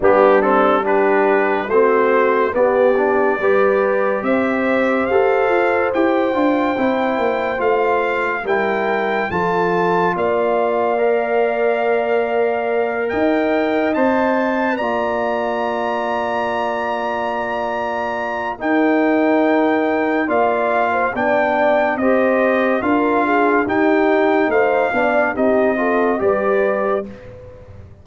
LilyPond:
<<
  \new Staff \with { instrumentName = "trumpet" } { \time 4/4 \tempo 4 = 71 g'8 a'8 b'4 c''4 d''4~ | d''4 e''4 f''4 g''4~ | g''4 f''4 g''4 a''4 | f''2.~ f''8 g''8~ |
g''8 a''4 ais''2~ ais''8~ | ais''2 g''2 | f''4 g''4 dis''4 f''4 | g''4 f''4 dis''4 d''4 | }
  \new Staff \with { instrumentName = "horn" } { \time 4/4 d'4 g'4 fis'4 g'4 | b'4 c''2.~ | c''2 ais'4 a'4 | d''2.~ d''8 dis''8~ |
dis''4. d''2~ d''8~ | d''2 ais'2 | d''8. c''16 d''4 c''4 ais'8 gis'8 | g'4 c''8 d''8 g'8 a'8 b'4 | }
  \new Staff \with { instrumentName = "trombone" } { \time 4/4 b8 c'8 d'4 c'4 b8 d'8 | g'2 a'4 g'8 f'8 | e'4 f'4 e'4 f'4~ | f'4 ais'2.~ |
ais'8 c''4 f'2~ f'8~ | f'2 dis'2 | f'4 d'4 g'4 f'4 | dis'4. d'8 dis'8 f'8 g'4 | }
  \new Staff \with { instrumentName = "tuba" } { \time 4/4 g2 a4 b4 | g4 c'4 g'8 f'8 e'8 d'8 | c'8 ais8 a4 g4 f4 | ais2.~ ais8 dis'8~ |
dis'8 c'4 ais2~ ais8~ | ais2 dis'2 | ais4 b4 c'4 d'4 | dis'4 a8 b8 c'4 g4 | }
>>